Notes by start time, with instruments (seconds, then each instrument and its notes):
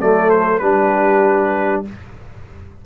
0.00 tuba F#3, trombone A3, horn A4, trumpet D5
0.30 trumpet C5
0.59 tuba G3, trombone D4, horn G4, trumpet B4